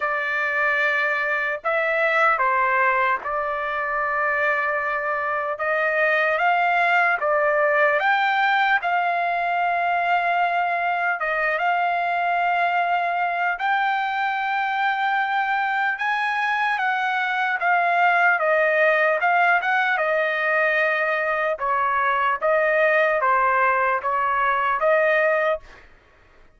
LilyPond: \new Staff \with { instrumentName = "trumpet" } { \time 4/4 \tempo 4 = 75 d''2 e''4 c''4 | d''2. dis''4 | f''4 d''4 g''4 f''4~ | f''2 dis''8 f''4.~ |
f''4 g''2. | gis''4 fis''4 f''4 dis''4 | f''8 fis''8 dis''2 cis''4 | dis''4 c''4 cis''4 dis''4 | }